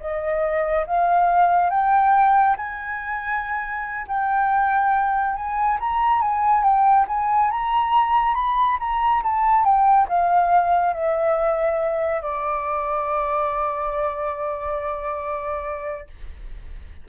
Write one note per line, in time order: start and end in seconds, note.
0.00 0.86 D#5
0.86 1.70 F5
1.70 2.56 G5
2.57 4.07 G#5
4.08 5.36 G5
5.36 5.79 G#5
5.81 6.21 A#5
6.21 6.64 G#5
6.64 7.06 G5
7.08 7.51 G#5
7.51 8.35 A#5
8.35 8.78 B5
8.80 9.23 A#5
9.23 9.65 A5
9.65 10.08 G5
10.09 10.94 F5
10.94 12.22 E5
12.22 16.08 D5